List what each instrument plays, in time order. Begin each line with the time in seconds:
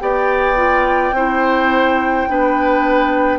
0.00 bassoon B3, clarinet G4, oboe D5, flute G5
0.56 clarinet F4
1.12 bassoon C4, clarinet E4, oboe C5
2.29 bassoon B3, clarinet D4, oboe B4